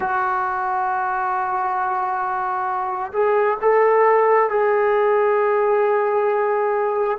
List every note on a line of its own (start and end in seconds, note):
0.00 3.12 F#4
3.12 3.57 G#4
3.61 4.49 A4
4.49 7.18 G#4